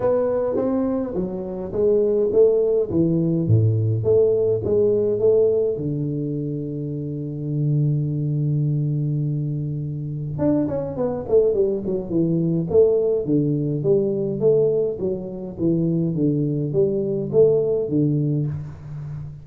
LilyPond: \new Staff \with { instrumentName = "tuba" } { \time 4/4 \tempo 4 = 104 b4 c'4 fis4 gis4 | a4 e4 a,4 a4 | gis4 a4 d2~ | d1~ |
d2 d'8 cis'8 b8 a8 | g8 fis8 e4 a4 d4 | g4 a4 fis4 e4 | d4 g4 a4 d4 | }